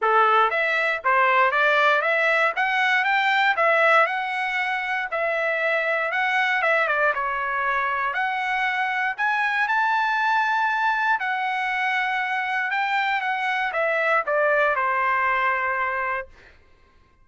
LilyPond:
\new Staff \with { instrumentName = "trumpet" } { \time 4/4 \tempo 4 = 118 a'4 e''4 c''4 d''4 | e''4 fis''4 g''4 e''4 | fis''2 e''2 | fis''4 e''8 d''8 cis''2 |
fis''2 gis''4 a''4~ | a''2 fis''2~ | fis''4 g''4 fis''4 e''4 | d''4 c''2. | }